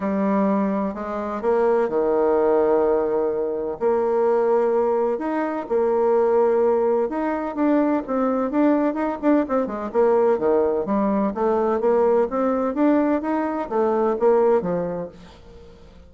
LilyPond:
\new Staff \with { instrumentName = "bassoon" } { \time 4/4 \tempo 4 = 127 g2 gis4 ais4 | dis1 | ais2. dis'4 | ais2. dis'4 |
d'4 c'4 d'4 dis'8 d'8 | c'8 gis8 ais4 dis4 g4 | a4 ais4 c'4 d'4 | dis'4 a4 ais4 f4 | }